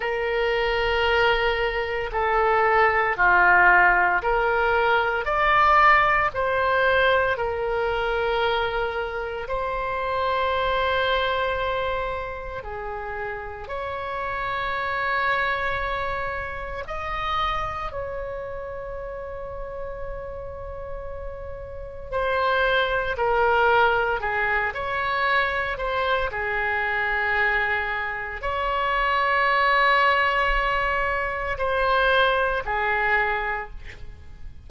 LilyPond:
\new Staff \with { instrumentName = "oboe" } { \time 4/4 \tempo 4 = 57 ais'2 a'4 f'4 | ais'4 d''4 c''4 ais'4~ | ais'4 c''2. | gis'4 cis''2. |
dis''4 cis''2.~ | cis''4 c''4 ais'4 gis'8 cis''8~ | cis''8 c''8 gis'2 cis''4~ | cis''2 c''4 gis'4 | }